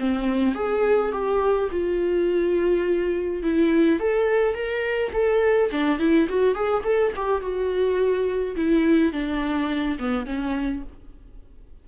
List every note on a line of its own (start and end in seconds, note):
0.00 0.55 C4
0.55 1.12 G#4
1.12 1.69 G4
1.71 3.43 F4
3.43 4.00 E4
4.00 4.55 A4
4.55 5.12 A#4
5.13 5.70 A4
5.72 5.99 D4
5.99 6.28 E4
6.29 6.55 F#4
6.55 6.83 G#4
6.84 7.12 A4
7.16 7.41 G4
7.41 8.56 F#4
8.56 9.13 E4
9.13 9.98 D4
9.99 10.26 B3
10.26 10.83 C#4